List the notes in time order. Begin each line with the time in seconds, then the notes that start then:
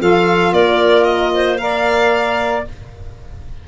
0.00 F3 F4 A4 F5
0.52 A#3 A#4 D5
1.04 D#5
1.34 C5
1.58 A#4 D5 F5